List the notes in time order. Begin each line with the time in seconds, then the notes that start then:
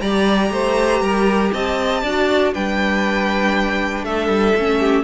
0.00 G3 G4 D5 A#5
0.50 A3 C5
1.01 G3 A#4
1.53 C4 D#5 A5
2.03 D4 F#4 D5
2.53 G3 D4 B4 G5
4.03 A3 A4 E5
4.27 G3
4.56 A3 C#4
4.80 G4